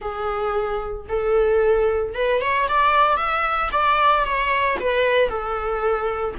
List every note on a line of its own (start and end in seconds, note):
0.01 1.07 G#4
1.09 2.14 A4
2.14 2.41 B4
2.41 2.67 C#5
2.68 3.16 D5
3.16 3.69 E5
3.71 4.24 D5
4.24 4.77 C#5
4.80 5.28 B4
5.28 6.35 A4